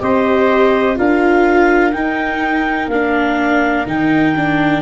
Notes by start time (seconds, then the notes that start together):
0.00 C4 G4 C5 D#5
0.96 D4 F4 A#4 F5
1.93 D#4 G5
2.88 A#3 D4 F5
3.87 D#3 D#4 G5
4.36 D4